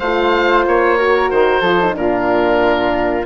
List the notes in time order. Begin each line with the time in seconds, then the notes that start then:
0.00 A3 F4 C5 F5
0.67 A#3 C#5
0.99 F#4 A#4
1.31 D#3 C5
1.61 F3 F4 A4
1.81 D#4
1.95 A#2 D4 F4 A#4